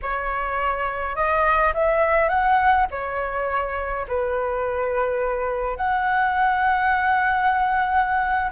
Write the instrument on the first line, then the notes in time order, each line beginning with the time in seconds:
flute
0.02 C#5
1.15 D#5
1.73 E5
2.28 F#5
2.91 C#5
4.08 B4
5.76 F#5